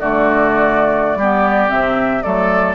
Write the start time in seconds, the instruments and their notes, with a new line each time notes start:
0.00 bassoon D3, clarinet A3, oboe F#4, flute D5
1.16 bassoon G3, clarinet B3, oboe G4
1.69 bassoon C3, clarinet C4, flute E5
2.22 bassoon F#3, clarinet A3, oboe A4, flute D5